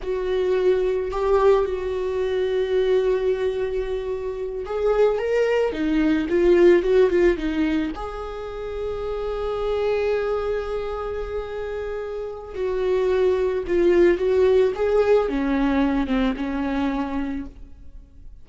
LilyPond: \new Staff \with { instrumentName = "viola" } { \time 4/4 \tempo 4 = 110 fis'2 g'4 fis'4~ | fis'1~ | fis'8 gis'4 ais'4 dis'4 f'8~ | f'8 fis'8 f'8 dis'4 gis'4.~ |
gis'1~ | gis'2. fis'4~ | fis'4 f'4 fis'4 gis'4 | cis'4. c'8 cis'2 | }